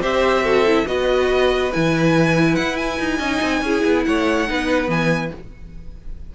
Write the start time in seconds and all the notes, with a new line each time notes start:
0.00 C4 G4 C5 E5
0.43 F#4 A4
0.67 E4
0.86 B3 F#4 B4 D#5
1.72 E3 E4 G#5
2.56 E4 F#5
2.76 G#5
3.00 D#4
3.18 C#4 D#4 D#5
3.42 C4
3.62 C#4 E4 G#4
3.85 B3
4.05 A3 C#5 F#5
4.47 B3 D#4 B4
4.88 E3 B3 G#5